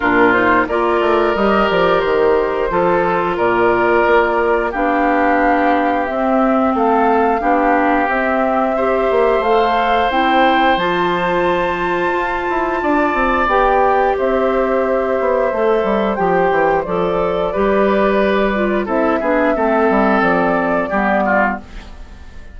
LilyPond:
<<
  \new Staff \with { instrumentName = "flute" } { \time 4/4 \tempo 4 = 89 ais'8 c''8 d''4 dis''8 d''8 c''4~ | c''4 d''2 f''4~ | f''4 e''4 f''2 | e''2 f''4 g''4 |
a''1 | g''4 e''2. | g''4 d''2. | e''2 d''2 | }
  \new Staff \with { instrumentName = "oboe" } { \time 4/4 f'4 ais'2. | a'4 ais'2 g'4~ | g'2 a'4 g'4~ | g'4 c''2.~ |
c''2. d''4~ | d''4 c''2.~ | c''2 b'2 | a'8 gis'8 a'2 g'8 f'8 | }
  \new Staff \with { instrumentName = "clarinet" } { \time 4/4 d'8 dis'8 f'4 g'2 | f'2. d'4~ | d'4 c'2 d'4 | c'4 g'4 a'4 e'4 |
f'1 | g'2. a'4 | g'4 a'4 g'4. f'8 | e'8 d'8 c'2 b4 | }
  \new Staff \with { instrumentName = "bassoon" } { \time 4/4 ais,4 ais8 a8 g8 f8 dis4 | f4 ais,4 ais4 b4~ | b4 c'4 a4 b4 | c'4. ais8 a4 c'4 |
f2 f'8 e'8 d'8 c'8 | b4 c'4. b8 a8 g8 | f8 e8 f4 g2 | c'8 b8 a8 g8 f4 g4 | }
>>